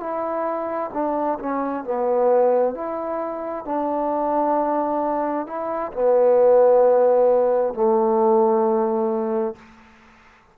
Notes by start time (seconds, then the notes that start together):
0.00 E4
0.93 D4
1.39 C#4
1.84 B3
2.75 E4
3.65 D4
5.47 E4
5.93 B3
7.74 A3